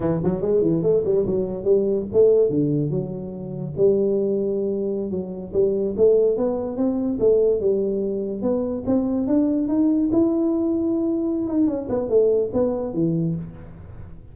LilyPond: \new Staff \with { instrumentName = "tuba" } { \time 4/4 \tempo 4 = 144 e8 fis8 gis8 e8 a8 g8 fis4 | g4 a4 d4 fis4~ | fis4 g2.~ | g16 fis4 g4 a4 b8.~ |
b16 c'4 a4 g4.~ g16~ | g16 b4 c'4 d'4 dis'8.~ | dis'16 e'2.~ e'16 dis'8 | cis'8 b8 a4 b4 e4 | }